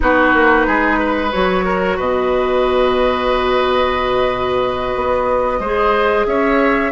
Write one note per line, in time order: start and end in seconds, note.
0.00 0.33 B3
0.00 1.28 D#4
0.00 0.66 F#4
0.00 1.31 B4
0.33 0.66 A#3
0.66 1.33 G#3
0.66 0.99 G#4
0.99 1.64 B4
1.31 1.98 F#3
1.31 5.60 F#4
1.31 1.97 C#5
1.64 1.96 A#4
1.96 4.95 B2
1.96 5.59 B4
1.96 6.26 D#5
4.95 5.59 B3
5.59 6.25 G#3
5.59 6.91 G#4
5.59 6.25 C5
6.26 6.91 C#4
6.26 6.91 C#5
6.26 6.91 E5